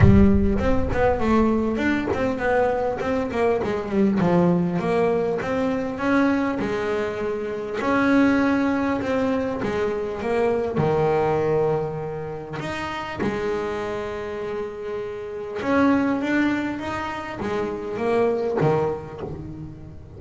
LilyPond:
\new Staff \with { instrumentName = "double bass" } { \time 4/4 \tempo 4 = 100 g4 c'8 b8 a4 d'8 c'8 | b4 c'8 ais8 gis8 g8 f4 | ais4 c'4 cis'4 gis4~ | gis4 cis'2 c'4 |
gis4 ais4 dis2~ | dis4 dis'4 gis2~ | gis2 cis'4 d'4 | dis'4 gis4 ais4 dis4 | }